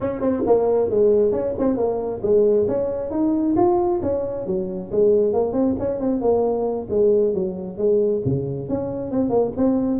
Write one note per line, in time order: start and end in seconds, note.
0.00 0.20 C#4
0.20 0.42 C4
0.46 0.89 A#3
0.89 1.32 G#3
1.32 1.54 C#4
1.58 1.76 C4
1.76 2.21 A#3
2.22 2.66 G#3
2.68 3.10 C#4
3.10 3.55 D#4
3.56 4.00 F4
4.02 4.46 C#4
4.46 4.90 F#3
4.91 5.33 G#3
5.33 5.53 A#3
5.53 5.75 C4
5.79 6.00 C#4
6.00 6.21 C4
6.21 6.87 A#3
6.90 7.33 G#3
7.33 7.77 F#3
7.77 8.22 G#3
8.25 8.68 C#3
8.68 9.11 C#4
9.11 9.29 C4
9.29 9.51 A#3
9.56 10.00 C4